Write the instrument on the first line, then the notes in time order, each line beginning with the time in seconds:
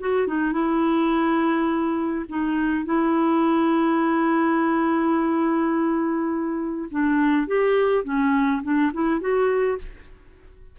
clarinet
0.00 F#4
0.28 D#4
0.52 E4
2.29 D#4
2.85 E4
6.91 D4
7.47 G4
8.04 C#4
8.63 D4
8.93 E4
9.20 F#4